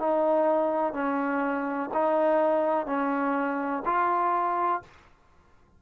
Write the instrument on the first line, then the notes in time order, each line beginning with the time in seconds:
trombone
0.00 D#4
0.94 C#4
1.94 D#4
2.87 C#4
3.86 F4